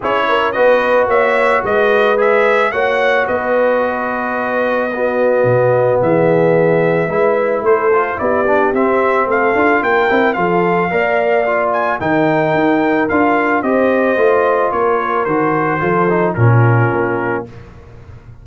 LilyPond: <<
  \new Staff \with { instrumentName = "trumpet" } { \time 4/4 \tempo 4 = 110 cis''4 dis''4 e''4 dis''4 | e''4 fis''4 dis''2~ | dis''2. e''4~ | e''2 c''4 d''4 |
e''4 f''4 g''4 f''4~ | f''4. gis''8 g''2 | f''4 dis''2 cis''4 | c''2 ais'2 | }
  \new Staff \with { instrumentName = "horn" } { \time 4/4 gis'8 ais'8 b'4 cis''4 b'4~ | b'4 cis''4 b'2~ | b'4 fis'2 gis'4~ | gis'4 b'4 a'4 g'4~ |
g'4 a'4 ais'4 a'4 | d''2 ais'2~ | ais'4 c''2 ais'4~ | ais'4 a'4 f'2 | }
  \new Staff \with { instrumentName = "trombone" } { \time 4/4 e'4 fis'2. | gis'4 fis'2.~ | fis'4 b2.~ | b4 e'4. f'8 e'8 d'8 |
c'4. f'4 e'8 f'4 | ais'4 f'4 dis'2 | f'4 g'4 f'2 | fis'4 f'8 dis'8 cis'2 | }
  \new Staff \with { instrumentName = "tuba" } { \time 4/4 cis'4 b4 ais4 gis4~ | gis4 ais4 b2~ | b2 b,4 e4~ | e4 gis4 a4 b4 |
c'4 a8 d'8 ais8 c'8 f4 | ais2 dis4 dis'4 | d'4 c'4 a4 ais4 | dis4 f4 ais,4 ais4 | }
>>